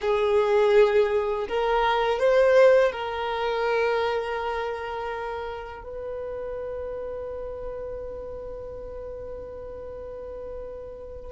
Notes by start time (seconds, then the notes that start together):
0.01 G#4
1.48 A#4
2.19 C5
2.91 A#4
5.83 B4